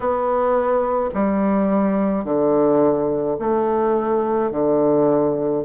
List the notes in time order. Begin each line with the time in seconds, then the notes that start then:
0.00 B3
1.14 G3
2.24 D3
3.38 A3
4.51 D3